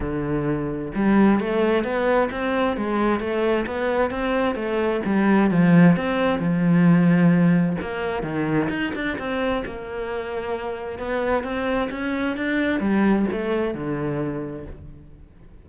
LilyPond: \new Staff \with { instrumentName = "cello" } { \time 4/4 \tempo 4 = 131 d2 g4 a4 | b4 c'4 gis4 a4 | b4 c'4 a4 g4 | f4 c'4 f2~ |
f4 ais4 dis4 dis'8 d'8 | c'4 ais2. | b4 c'4 cis'4 d'4 | g4 a4 d2 | }